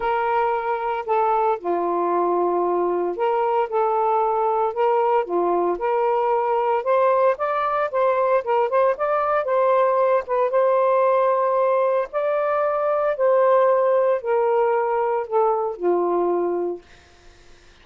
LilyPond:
\new Staff \with { instrumentName = "saxophone" } { \time 4/4 \tempo 4 = 114 ais'2 a'4 f'4~ | f'2 ais'4 a'4~ | a'4 ais'4 f'4 ais'4~ | ais'4 c''4 d''4 c''4 |
ais'8 c''8 d''4 c''4. b'8 | c''2. d''4~ | d''4 c''2 ais'4~ | ais'4 a'4 f'2 | }